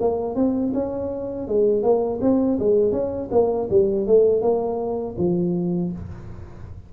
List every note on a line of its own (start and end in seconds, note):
0.00 0.35 A#3
0.35 0.72 C4
0.74 1.48 C#4
1.48 1.83 G#3
1.83 2.20 A#3
2.22 2.59 C4
2.59 2.92 G#3
2.92 3.29 C#4
3.32 3.69 A#3
3.70 4.07 G3
4.07 4.42 A3
4.42 5.16 A#3
5.18 5.92 F3